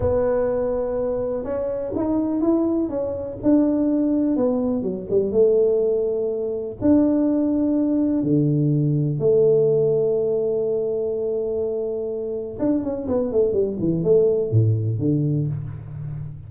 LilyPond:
\new Staff \with { instrumentName = "tuba" } { \time 4/4 \tempo 4 = 124 b2. cis'4 | dis'4 e'4 cis'4 d'4~ | d'4 b4 fis8 g8 a4~ | a2 d'2~ |
d'4 d2 a4~ | a1~ | a2 d'8 cis'8 b8 a8 | g8 e8 a4 a,4 d4 | }